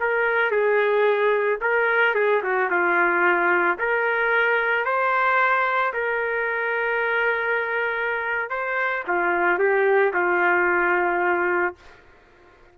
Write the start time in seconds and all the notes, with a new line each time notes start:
0.00 A#4
0.51 G#4
1.61 A#4
2.15 G#4
2.43 F#4
2.70 F4
3.79 A#4
4.85 C5
5.94 A#4
8.50 C5
9.07 F4
9.59 G4
10.13 F4